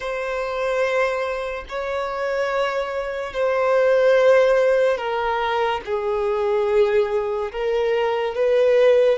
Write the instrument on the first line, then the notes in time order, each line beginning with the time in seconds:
violin
0.00 C5
1.68 C#5
3.33 C5
4.97 A#4
5.85 G#4
7.52 A#4
8.34 B4